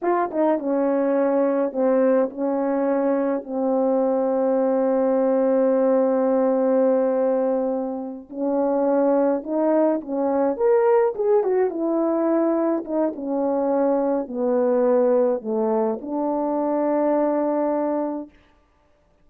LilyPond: \new Staff \with { instrumentName = "horn" } { \time 4/4 \tempo 4 = 105 f'8 dis'8 cis'2 c'4 | cis'2 c'2~ | c'1~ | c'2~ c'8 cis'4.~ |
cis'8 dis'4 cis'4 ais'4 gis'8 | fis'8 e'2 dis'8 cis'4~ | cis'4 b2 a4 | d'1 | }